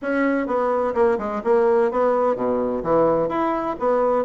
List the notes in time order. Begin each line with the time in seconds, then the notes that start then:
0.02 C#4
0.46 B3
0.94 A#3
1.18 G#3
1.43 A#3
1.91 B3
2.35 B2
2.83 E3
3.29 E4
3.79 B3